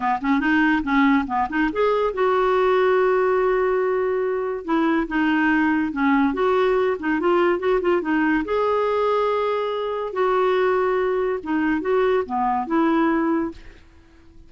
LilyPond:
\new Staff \with { instrumentName = "clarinet" } { \time 4/4 \tempo 4 = 142 b8 cis'8 dis'4 cis'4 b8 dis'8 | gis'4 fis'2.~ | fis'2. e'4 | dis'2 cis'4 fis'4~ |
fis'8 dis'8 f'4 fis'8 f'8 dis'4 | gis'1 | fis'2. dis'4 | fis'4 b4 e'2 | }